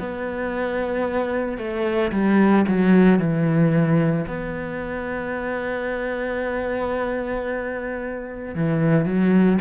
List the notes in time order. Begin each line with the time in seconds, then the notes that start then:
0.00 B3
1.58 A3
2.12 G3
2.68 F#3
3.19 E3
4.27 B3
8.55 E3
9.06 F#3